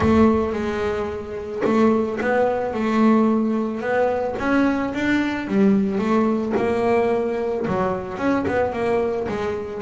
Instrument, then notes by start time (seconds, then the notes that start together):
double bass
0.00 A3
0.53 G#3
1.64 A3
2.20 B3
2.73 A3
3.81 B3
4.38 C#4
4.94 D4
5.47 G3
5.98 A3
6.57 A#3
7.67 F#3
8.17 C#4
8.47 B3
8.72 A#3
9.28 G#3